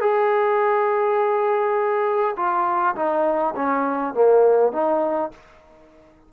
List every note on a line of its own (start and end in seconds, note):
0.00 2.35 G#4
2.36 2.95 F4
2.95 3.54 D#4
3.55 4.14 C#4
4.14 4.72 A#3
4.72 5.31 D#4